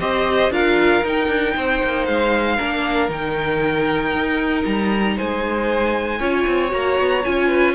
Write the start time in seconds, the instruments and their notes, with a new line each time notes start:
0.00 cello C4, viola G4, violin C5 D#5
0.50 cello D4, viola F4, violin A#4 F5
1.04 cello D#4, viola D#4, violin G5
1.28 cello D4
1.56 cello C4, violin C5
1.83 cello A#3
2.05 cello G#3, violin F5
2.56 cello A#3, viola D4, violin A#4
3.09 cello D#3, viola D#4, violin G5
4.13 cello D#4
4.66 cello G3, violin A#5
5.16 cello G#3, violin C5 G#5
6.20 cello C#4, viola F4, violin C#5
6.47 cello C4
6.69 cello A#3, viola F#4, violin A#5
6.99 cello B3
7.24 cello C#4, viola F4, violin G#5
7.48 violin B4